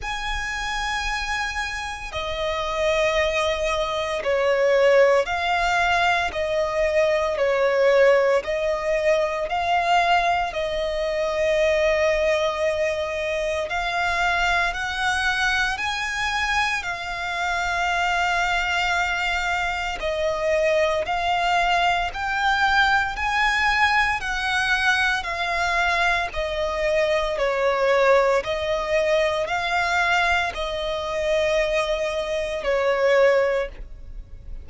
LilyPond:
\new Staff \with { instrumentName = "violin" } { \time 4/4 \tempo 4 = 57 gis''2 dis''2 | cis''4 f''4 dis''4 cis''4 | dis''4 f''4 dis''2~ | dis''4 f''4 fis''4 gis''4 |
f''2. dis''4 | f''4 g''4 gis''4 fis''4 | f''4 dis''4 cis''4 dis''4 | f''4 dis''2 cis''4 | }